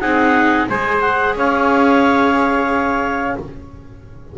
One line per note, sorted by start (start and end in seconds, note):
0.00 0.68 C4
0.00 0.67 D#4
0.00 0.67 G#4
0.00 0.67 F#5
0.69 1.36 G#3
0.69 3.37 G#4
0.69 1.37 C5
0.69 1.01 G#5
1.01 1.34 F#5
1.36 3.36 C#4
1.36 3.38 C#5
1.36 3.38 F5